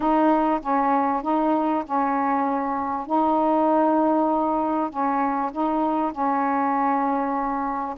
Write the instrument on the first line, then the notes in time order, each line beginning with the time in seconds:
saxophone
0.00 D#4
0.61 C#4
1.22 D#4
1.85 C#4
3.06 D#4
4.90 C#4
5.51 D#4
6.12 C#4